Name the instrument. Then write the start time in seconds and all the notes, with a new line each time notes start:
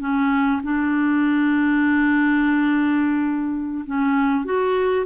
clarinet
0.00 C#4
0.63 D4
3.86 C#4
4.45 F#4